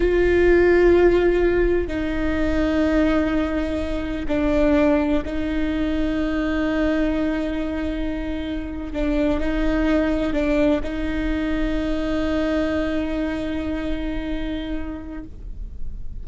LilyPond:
\new Staff \with { instrumentName = "viola" } { \time 4/4 \tempo 4 = 126 f'1 | dis'1~ | dis'4 d'2 dis'4~ | dis'1~ |
dis'2~ dis'8. d'4 dis'16~ | dis'4.~ dis'16 d'4 dis'4~ dis'16~ | dis'1~ | dis'1 | }